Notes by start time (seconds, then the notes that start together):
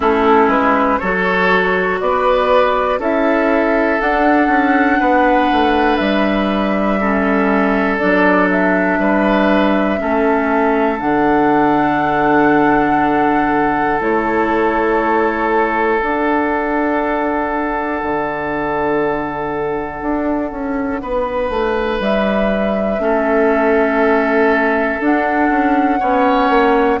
0.00 A3 C#4 E4 A4
0.47 G#3 B4
0.98 F#3 F#4 A4 C#5
2.00 B3 B4 D5
2.98 C#4 E4 A4 E5
4.00 D4 F#5
4.48 C#4
4.99 B3 B4
5.51 A3
5.96 G3 E5
7.00 C#4 A4
7.98 F#3 D4 D5
8.50 E5
8.99 G3 B4
9.97 A3 C#4 A4
10.98 D3 D4 F#5
13.99 A3 E4 C#5
15.99 D4 F#5
18.02 D3
20.01 D4
20.51 C#4
21.01 B3 B4
21.49 A3
21.99 G3 E5
22.99 A3 C#4 A4
25.00 D4 F#5
25.49 C#4
25.99 B3 C#4 C#5
26.49 A#3